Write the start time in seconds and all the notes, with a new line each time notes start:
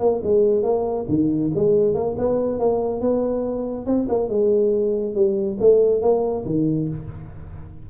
0.00 A#3
0.23 G#3
0.63 A#3
1.09 D#3
1.55 G#3
1.94 A#3
2.18 B3
2.59 A#3
3.01 B3
3.86 C4
4.09 A#3
4.29 G#3
5.15 G3
5.60 A3
6.02 A#3
6.46 D#3